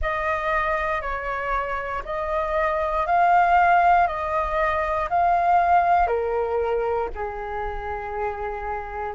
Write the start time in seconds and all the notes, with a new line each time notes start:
0.01 D#5
1.01 C#5
2.04 D#5
3.06 F5
4.07 D#5
5.09 F5
6.07 A#4
7.14 G#4